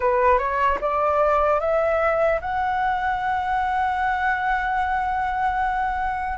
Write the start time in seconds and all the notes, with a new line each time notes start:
0.00 B4
0.38 C#5
0.80 D5
1.60 E5
2.41 F#5